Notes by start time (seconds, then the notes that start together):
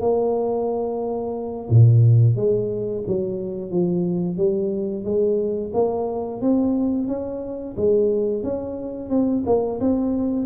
0.00 A#3
1.69 A#2
2.36 G#3
3.07 F#3
3.70 F3
4.37 G3
5.04 G#3
5.73 A#3
6.41 C4
7.07 C#4
7.77 G#3
8.43 C#4
9.09 C4
9.46 A#3
9.80 C4